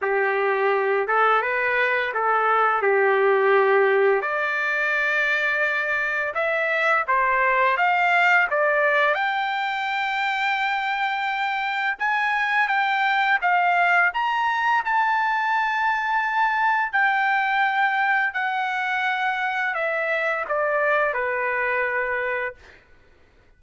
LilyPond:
\new Staff \with { instrumentName = "trumpet" } { \time 4/4 \tempo 4 = 85 g'4. a'8 b'4 a'4 | g'2 d''2~ | d''4 e''4 c''4 f''4 | d''4 g''2.~ |
g''4 gis''4 g''4 f''4 | ais''4 a''2. | g''2 fis''2 | e''4 d''4 b'2 | }